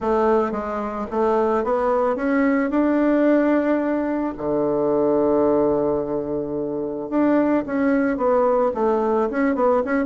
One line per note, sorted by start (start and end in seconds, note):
0.00 0.51 A3
0.51 1.06 G#3
1.11 1.64 A3
1.64 2.15 B3
2.15 2.70 C#4
2.70 4.34 D4
4.37 7.09 D3
7.09 7.64 D4
7.65 8.17 C#4
8.17 8.71 B3
8.74 9.29 A3
9.30 9.55 C#4
9.55 9.82 B3
9.85 10.05 C#4